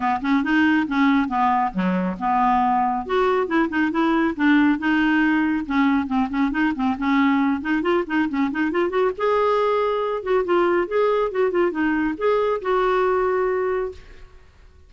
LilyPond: \new Staff \with { instrumentName = "clarinet" } { \time 4/4 \tempo 4 = 138 b8 cis'8 dis'4 cis'4 b4 | fis4 b2 fis'4 | e'8 dis'8 e'4 d'4 dis'4~ | dis'4 cis'4 c'8 cis'8 dis'8 c'8 |
cis'4. dis'8 f'8 dis'8 cis'8 dis'8 | f'8 fis'8 gis'2~ gis'8 fis'8 | f'4 gis'4 fis'8 f'8 dis'4 | gis'4 fis'2. | }